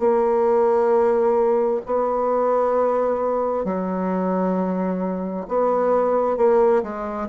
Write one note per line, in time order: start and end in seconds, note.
0.00 1.82 A#3
1.86 3.65 B3
3.65 5.47 F#3
5.49 6.38 B3
6.38 6.83 A#3
6.83 7.29 G#3